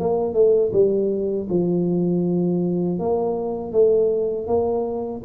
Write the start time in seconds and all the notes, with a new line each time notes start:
0.00 A#3
0.34 A3
0.73 G3
1.50 F3
2.99 A#3
3.72 A3
4.47 A#3